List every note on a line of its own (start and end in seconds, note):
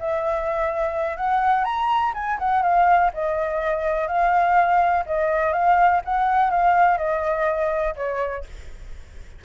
0.00 1.17 E5
1.17 1.65 F#5
1.65 2.13 A#5
2.14 2.38 G#5
2.39 2.62 F#5
2.62 3.11 F5
3.14 4.08 D#5
4.08 5.05 F5
5.06 5.53 D#5
5.53 6.01 F5
6.05 6.51 F#5
6.51 6.98 F5
6.98 7.95 D#5
7.96 8.45 C#5